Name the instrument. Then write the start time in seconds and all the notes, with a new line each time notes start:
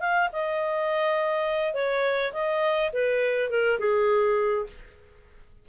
clarinet
0.00 F5
0.32 D#5
1.74 C#5
2.33 D#5
2.93 B4
3.50 A#4
3.79 G#4